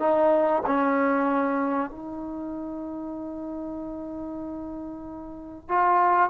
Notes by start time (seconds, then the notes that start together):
0.00 D#4
0.67 C#4
1.91 D#4
5.69 F4